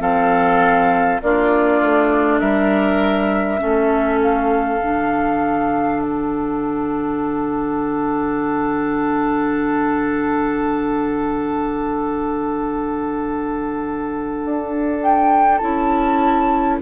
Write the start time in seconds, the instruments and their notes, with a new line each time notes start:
0.00 bassoon F3, clarinet C4, oboe A4, flute F5
1.22 bassoon A#3, clarinet D4, oboe F4, flute D5
1.81 bassoon A3
2.39 bassoon G3, oboe A#4, flute E5
3.59 bassoon A3, clarinet C#4, oboe A4
4.23 flute F5
4.82 bassoon D3, clarinet D4
6.02 flute F#5
14.45 bassoon D4
15.03 flute G5
15.59 bassoon C#4, clarinet E4, flute A5